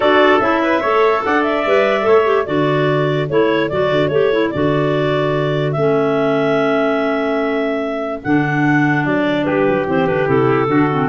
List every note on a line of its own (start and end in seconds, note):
0.00 0.38 D4
0.00 0.41 F#4
0.00 0.61 A4
0.00 0.39 D5
0.39 0.81 C#4
0.39 0.82 E4
0.39 1.21 E5
0.62 0.80 B4
0.80 1.24 A3
0.80 1.64 A4
0.80 1.21 C#5
1.25 1.66 D4
1.25 2.07 D5
1.25 1.42 F#5
1.42 2.45 E5
1.66 2.07 G3
1.66 2.01 B4
2.01 2.47 A3
2.01 2.22 A4
2.01 2.46 C#5
2.24 2.45 G4
2.45 3.30 D3
2.45 3.28 F#4
2.45 9.45 A4
2.45 3.28 D5
3.29 3.71 A3
3.29 3.70 E4
3.29 3.69 C#5
3.69 3.91 F#3
3.69 4.11 F#4
3.69 4.08 D5
3.91 4.09 D3
4.08 4.50 A3
4.08 4.32 G4
4.08 4.49 C#5
4.32 4.53 E4
4.49 5.76 D3
4.49 5.76 F#4
4.49 5.72 D5
5.72 8.22 A3
5.72 8.23 C#4
5.72 8.18 E5
8.23 9.05 D3
8.23 9.86 D4
8.23 9.05 F#5
9.05 9.46 F#3
9.05 9.44 D5
9.44 9.67 G3
9.44 10.69 G4
9.44 9.85 B4
9.67 9.86 F#3
9.86 10.07 E3
9.86 10.06 C4
9.86 10.07 C5
10.06 10.28 D3
10.06 10.26 D4
10.06 10.27 B4
10.26 10.67 C3
10.26 10.67 E4
10.26 11.08 A4
10.67 11.08 D3
10.67 10.88 D4
10.67 11.08 F#4
10.90 11.08 C4